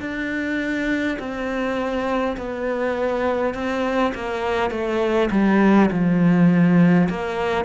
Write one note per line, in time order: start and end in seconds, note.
0.00 1.18 D4
1.19 2.36 C4
2.37 3.54 B3
3.54 4.13 C4
4.14 4.71 A#3
4.71 5.29 A3
5.30 5.89 G3
5.91 7.09 F3
7.09 7.65 A#3